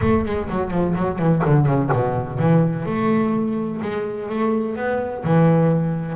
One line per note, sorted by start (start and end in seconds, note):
0.01 0.25 A3
0.25 0.49 G#3
0.49 0.70 F#3
0.70 0.94 F3
0.95 1.18 F#3
1.18 1.42 E3
1.45 1.66 D3
1.66 1.89 C#3
1.92 2.38 B2
2.38 2.85 E3
2.85 3.81 A3
3.81 4.29 G#3
4.29 4.76 A3
4.76 5.23 B3
5.24 6.15 E3